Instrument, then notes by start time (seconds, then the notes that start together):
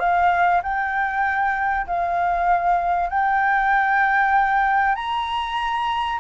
flute
0.00 F5
0.63 G5
1.87 F5
3.10 G5
4.96 A#5